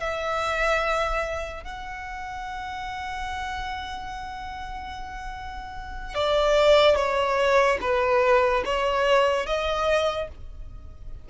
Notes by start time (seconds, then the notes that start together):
0.00 E5
1.64 F#5
6.14 D5
6.96 C#5
7.81 B4
8.65 C#5
9.46 D#5